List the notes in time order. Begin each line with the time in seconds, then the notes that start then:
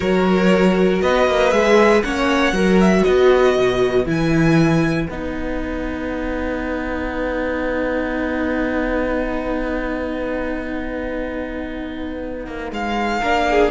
0.00 F#3 F#4 A#4 C#5
1.01 B3 B4 D#5
1.27 A#3
1.51 G#3 G#4 E5
2.02 A#3 C#4 C#5 F#5
2.52 F#3 F#4 A#4
2.80 E5
3.02 B3 B4 D#5
3.57 B2
4.06 E3 E4 G#5
5.08 B3 D#4 F#5
12.46 A#3
12.71 G#3 F5
13.20 A#3 D4 A#4
13.50 G#4